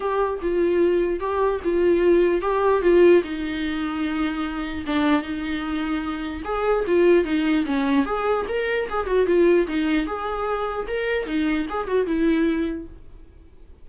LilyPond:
\new Staff \with { instrumentName = "viola" } { \time 4/4 \tempo 4 = 149 g'4 f'2 g'4 | f'2 g'4 f'4 | dis'1 | d'4 dis'2. |
gis'4 f'4 dis'4 cis'4 | gis'4 ais'4 gis'8 fis'8 f'4 | dis'4 gis'2 ais'4 | dis'4 gis'8 fis'8 e'2 | }